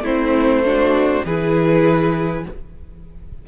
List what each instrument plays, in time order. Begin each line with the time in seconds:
0.00 cello A3, viola C4, violin E4 C5
0.65 viola D4, violin F#4
1.25 cello E3, viola E4, violin G#4 B4